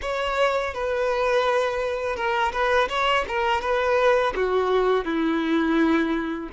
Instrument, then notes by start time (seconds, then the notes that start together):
violin
0.01 C#5
0.74 B4
2.16 A#4
2.52 B4
2.88 C#5
3.28 A#4
3.61 B4
4.35 F#4
5.04 E4